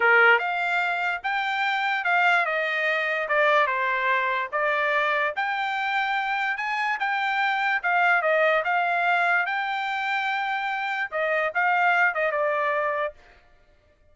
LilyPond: \new Staff \with { instrumentName = "trumpet" } { \time 4/4 \tempo 4 = 146 ais'4 f''2 g''4~ | g''4 f''4 dis''2 | d''4 c''2 d''4~ | d''4 g''2. |
gis''4 g''2 f''4 | dis''4 f''2 g''4~ | g''2. dis''4 | f''4. dis''8 d''2 | }